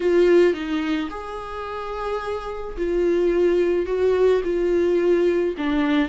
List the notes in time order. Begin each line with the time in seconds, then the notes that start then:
0.00 F4
0.53 D#4
1.10 G#4
2.77 F4
3.86 F#4
4.43 F4
5.57 D4